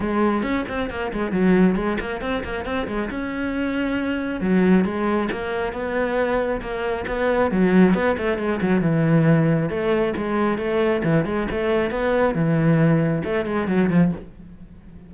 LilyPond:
\new Staff \with { instrumentName = "cello" } { \time 4/4 \tempo 4 = 136 gis4 cis'8 c'8 ais8 gis8 fis4 | gis8 ais8 c'8 ais8 c'8 gis8 cis'4~ | cis'2 fis4 gis4 | ais4 b2 ais4 |
b4 fis4 b8 a8 gis8 fis8 | e2 a4 gis4 | a4 e8 gis8 a4 b4 | e2 a8 gis8 fis8 f8 | }